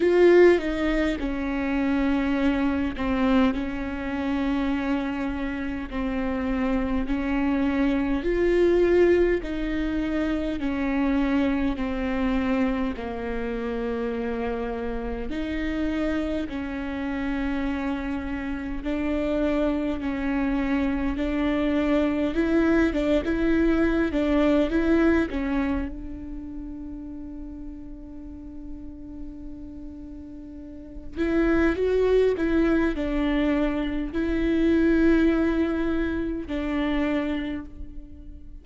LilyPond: \new Staff \with { instrumentName = "viola" } { \time 4/4 \tempo 4 = 51 f'8 dis'8 cis'4. c'8 cis'4~ | cis'4 c'4 cis'4 f'4 | dis'4 cis'4 c'4 ais4~ | ais4 dis'4 cis'2 |
d'4 cis'4 d'4 e'8 d'16 e'16~ | e'8 d'8 e'8 cis'8 d'2~ | d'2~ d'8 e'8 fis'8 e'8 | d'4 e'2 d'4 | }